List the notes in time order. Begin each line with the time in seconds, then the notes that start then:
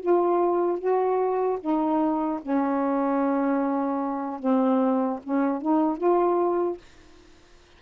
0.00 F4
0.79 F#4
1.60 D#4
2.42 C#4
4.40 C4
5.24 C#4
5.61 D#4
5.98 F4